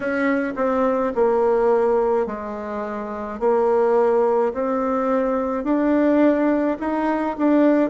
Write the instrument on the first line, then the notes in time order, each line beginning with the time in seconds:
bassoon
0.00 C#4
0.56 C4
1.15 A#3
2.26 G#3
3.40 A#3
4.53 C4
5.63 D4
6.79 D#4
7.37 D4